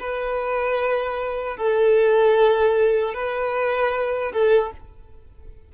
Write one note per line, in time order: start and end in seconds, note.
0.00 1.57 B4
1.57 3.14 A4
3.14 4.32 B4
4.32 4.72 A4